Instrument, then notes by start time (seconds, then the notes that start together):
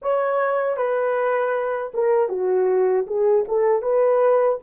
horn
0.01 C#5
0.76 B4
1.94 A#4
2.29 F#4
3.06 G#4
3.48 A4
3.81 B4